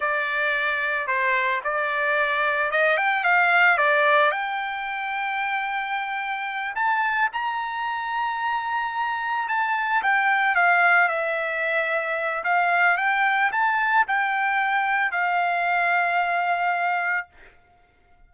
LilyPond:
\new Staff \with { instrumentName = "trumpet" } { \time 4/4 \tempo 4 = 111 d''2 c''4 d''4~ | d''4 dis''8 g''8 f''4 d''4 | g''1~ | g''8 a''4 ais''2~ ais''8~ |
ais''4. a''4 g''4 f''8~ | f''8 e''2~ e''8 f''4 | g''4 a''4 g''2 | f''1 | }